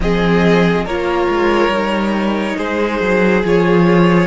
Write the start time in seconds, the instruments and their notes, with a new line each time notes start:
0.00 cello F3, viola C4, violin G#4 D#5
0.84 cello A#3, viola F4, violin A#4 C#5
1.28 cello G#3
1.68 cello G3, viola D#4
2.57 cello G#3, violin G#4 C5
3.00 cello F#3
3.44 cello F3, viola F4, violin C#5